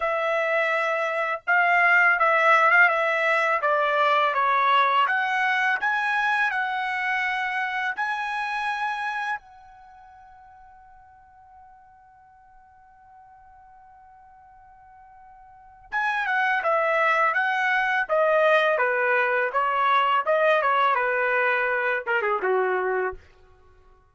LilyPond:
\new Staff \with { instrumentName = "trumpet" } { \time 4/4 \tempo 4 = 83 e''2 f''4 e''8. f''16 | e''4 d''4 cis''4 fis''4 | gis''4 fis''2 gis''4~ | gis''4 fis''2.~ |
fis''1~ | fis''2 gis''8 fis''8 e''4 | fis''4 dis''4 b'4 cis''4 | dis''8 cis''8 b'4. ais'16 gis'16 fis'4 | }